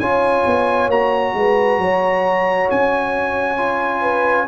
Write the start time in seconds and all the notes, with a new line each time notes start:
0.00 C#4 F4 C#5 G#5
0.47 B3
0.89 A#3 F#4 A#5
1.34 G#3 B4
1.79 F#3 C#5
2.71 C#4 G#5
3.58 F4
4.02 B4